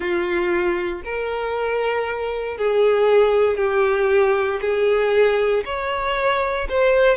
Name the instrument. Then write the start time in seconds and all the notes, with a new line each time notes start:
violin
0.00 F4
1.04 A#4
2.57 G#4
3.57 G4
4.61 G#4
5.65 C#5
6.69 C5